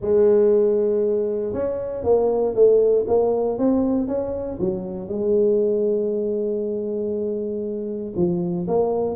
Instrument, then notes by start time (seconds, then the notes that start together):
tuba
0.01 G#3
1.53 C#4
2.03 A#3
2.54 A3
3.07 A#3
3.58 C4
4.07 C#4
4.59 F#3
5.08 G#3
8.16 F3
8.67 A#3